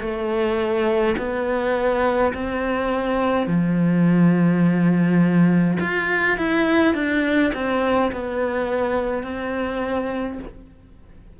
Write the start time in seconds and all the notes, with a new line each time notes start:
0.00 A3
1.17 B3
2.33 C4
3.47 F3
5.80 F4
6.37 E4
6.94 D4
7.54 C4
8.12 B3
9.23 C4